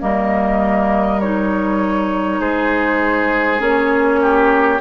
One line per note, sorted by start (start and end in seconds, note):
0.00 2.40 G3
0.00 1.20 A#3
0.00 2.40 A#4
0.00 1.21 D#5
1.21 3.59 D#4
1.21 2.41 C#5
2.40 3.60 G#3
2.40 4.20 G#4
2.40 3.60 C5
3.59 4.80 A#3
3.59 4.79 C#4
3.59 4.80 C#5
4.22 4.80 G4